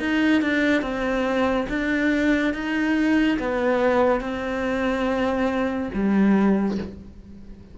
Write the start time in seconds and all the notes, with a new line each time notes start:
0.00 D#4
0.42 D4
0.82 C4
1.69 D4
2.54 D#4
3.40 B3
4.21 C4
5.94 G3